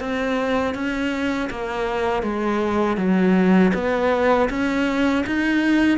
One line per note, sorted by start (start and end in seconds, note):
0.00 0.74 C4
0.74 1.49 C#4
1.50 2.23 A#3
2.23 2.97 G#3
2.97 3.72 F#3
3.74 4.49 B3
4.50 5.25 C#4
5.26 5.98 D#4